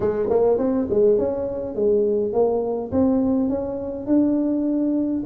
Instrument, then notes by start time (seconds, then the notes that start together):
tuba
0.00 G#3
0.29 A#3
0.57 C4
0.90 G#3
1.18 C#4
1.75 G#3
2.32 A#3
2.91 C4
3.49 C#4
4.06 D4